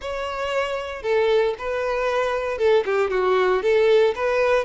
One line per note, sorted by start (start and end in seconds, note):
0.01 1.02 C#5
1.02 1.54 A4
1.58 2.58 B4
2.58 2.84 A4
2.85 3.10 G4
3.10 3.62 F#4
3.62 4.14 A4
4.15 4.65 B4